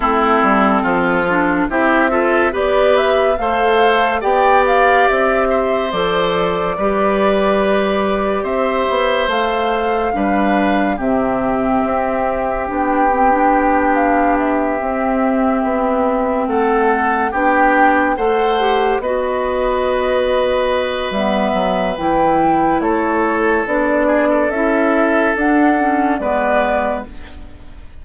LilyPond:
<<
  \new Staff \with { instrumentName = "flute" } { \time 4/4 \tempo 4 = 71 a'2 e''4 d''8 e''8 | f''4 g''8 f''8 e''4 d''4~ | d''2 e''4 f''4~ | f''4 e''2 g''4~ |
g''8 f''8 e''2~ e''8 fis''8~ | fis''8 g''4 fis''4 dis''4.~ | dis''4 e''4 g''4 cis''4 | d''4 e''4 fis''4 d''4 | }
  \new Staff \with { instrumentName = "oboe" } { \time 4/4 e'4 f'4 g'8 a'8 b'4 | c''4 d''4. c''4. | b'2 c''2 | b'4 g'2.~ |
g'2.~ g'8 a'8~ | a'8 g'4 c''4 b'4.~ | b'2. a'4~ | a'8 gis'16 a'2~ a'16 b'4 | }
  \new Staff \with { instrumentName = "clarinet" } { \time 4/4 c'4. d'8 e'8 f'8 g'4 | a'4 g'2 a'4 | g'2. a'4 | d'4 c'2 d'8 c'16 d'16~ |
d'4. c'2~ c'8~ | c'8 d'4 a'8 g'8 fis'4.~ | fis'4 b4 e'2 | d'4 e'4 d'8 cis'8 b4 | }
  \new Staff \with { instrumentName = "bassoon" } { \time 4/4 a8 g8 f4 c'4 b4 | a4 b4 c'4 f4 | g2 c'8 b8 a4 | g4 c4 c'4 b4~ |
b4. c'4 b4 a8~ | a8 b4 a4 b4.~ | b4 g8 fis8 e4 a4 | b4 cis'4 d'4 gis4 | }
>>